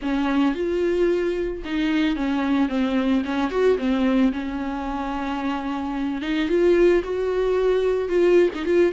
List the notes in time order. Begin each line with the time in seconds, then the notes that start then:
0.02 C#4
0.54 F4
1.64 D#4
2.15 C#4
2.68 C4
3.25 C#4
3.50 F#4
3.77 C4
4.32 C#4
6.21 D#4
6.48 F4
7.03 F#4
8.08 F4
8.54 D#4
8.65 F4